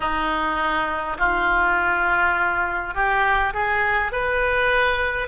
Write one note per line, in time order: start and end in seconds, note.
0.00 1.17 D#4
1.18 2.94 F4
2.94 3.53 G4
3.53 4.12 G#4
4.12 5.27 B4